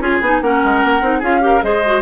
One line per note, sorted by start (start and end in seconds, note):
0.00 0.20 C#4
0.00 0.22 F4
0.00 0.42 G#4
0.00 0.42 G#5
0.21 0.41 B3
0.21 0.43 D#4
0.42 0.62 A#3
0.42 1.02 C#4
0.42 1.19 A#4
0.42 1.22 F#5
0.65 0.84 G#3
0.84 1.02 A#3
1.02 1.22 C4
1.02 1.22 D#4
1.19 1.62 C#4
1.19 1.41 F4
1.19 1.40 G#4
1.19 1.63 F5
1.41 1.61 G4
1.41 1.65 A#4
1.62 2.02 G#3
1.62 1.83 G#4
1.62 2.02 C5
1.62 2.02 D#5
1.86 2.02 F#4